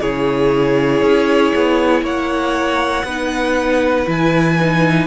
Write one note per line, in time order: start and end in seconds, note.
0.00 1.01 C#3
0.00 3.07 E4
0.00 2.03 G#4
0.00 2.03 C#5
1.01 1.52 C#4
1.56 2.02 B3
2.02 3.04 A#3
2.02 3.05 C#5
2.02 4.09 F#5
3.04 4.06 B3
3.04 4.06 D#4
3.04 5.07 B4
4.06 5.07 E3
4.06 4.57 E4
4.06 5.07 G#5
4.61 5.07 D#4